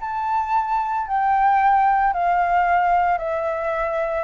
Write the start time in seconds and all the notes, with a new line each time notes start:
0.00 A5
1.07 G5
2.13 F5
3.18 E5